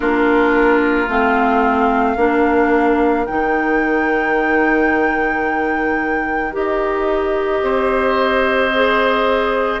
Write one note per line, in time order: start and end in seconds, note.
0.00 1.08 A#3
0.00 1.07 D4
0.00 2.16 F4
0.00 1.09 A#4
1.08 2.16 A3
1.08 2.17 C4
1.08 3.26 F5
2.16 3.25 A#3
2.16 3.26 D4
2.16 7.62 A#4
3.26 6.55 D#3
3.26 6.52 D#4
3.26 6.53 G5
6.52 7.62 D#4
6.52 8.70 G4
6.52 9.80 D#5
7.62 9.80 C4
7.62 9.80 C5
8.74 9.80 G#4